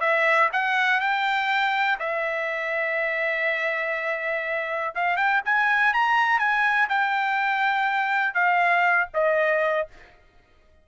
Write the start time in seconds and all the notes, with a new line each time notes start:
0.00 E5
0.53 F#5
1.00 G5
1.99 E5
4.95 F5
5.17 G5
5.45 G#5
5.93 A#5
6.39 G#5
6.89 G5
8.34 F5
9.14 D#5